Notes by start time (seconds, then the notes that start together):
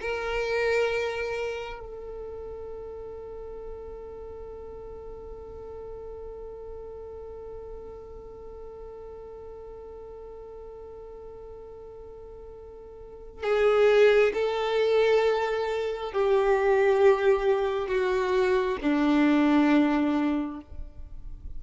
0.00 A#4
1.79 A4
13.43 G#4
14.33 A4
16.12 G4
17.88 F#4
18.81 D4